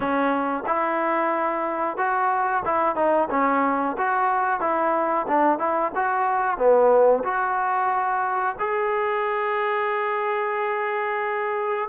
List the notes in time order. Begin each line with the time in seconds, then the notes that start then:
0.00 C#4
0.66 E4
1.97 F#4
2.65 E4
2.95 D#4
3.30 C#4
3.97 F#4
4.60 E4
5.27 D4
5.58 E4
5.95 F#4
6.57 B3
7.23 F#4
8.59 G#4